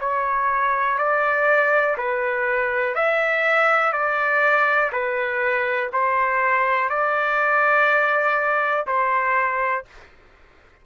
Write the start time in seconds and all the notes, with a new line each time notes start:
0.00 C#5
0.98 D5
1.97 B4
2.95 E5
3.92 D5
4.92 B4
5.92 C5
6.89 D5
8.86 C5